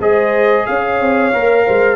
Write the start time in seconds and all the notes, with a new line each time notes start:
0.00 G#3 G#4 C5 D#5
0.66 C#4 C#5 F5
1.00 C4
1.33 A#3 A#4
1.65 G#3 C5